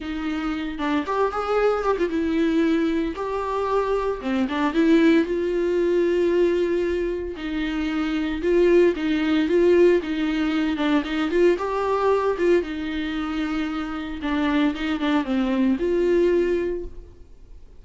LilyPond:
\new Staff \with { instrumentName = "viola" } { \time 4/4 \tempo 4 = 114 dis'4. d'8 g'8 gis'4 g'16 f'16 | e'2 g'2 | c'8 d'8 e'4 f'2~ | f'2 dis'2 |
f'4 dis'4 f'4 dis'4~ | dis'8 d'8 dis'8 f'8 g'4. f'8 | dis'2. d'4 | dis'8 d'8 c'4 f'2 | }